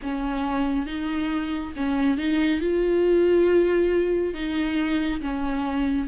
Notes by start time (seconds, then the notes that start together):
0.02 C#4
0.86 D#4
1.76 C#4
2.17 D#4
2.60 F4
4.34 D#4
5.21 C#4